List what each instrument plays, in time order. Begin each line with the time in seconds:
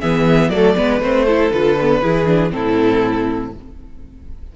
0.00 cello E3, viola B3, violin G#4 E5
0.50 cello F#3, viola A3, violin A4 D5
0.76 cello G#3, viola B3, violin B4
1.00 cello A3, viola C4, violin C5
1.26 viola E4, violin A4
1.52 cello D3, viola F4, violin B4
1.81 viola B3
2.02 cello E3, viola E4, violin G#4
2.26 viola D4
2.50 cello A2, viola C4, violin E4 A4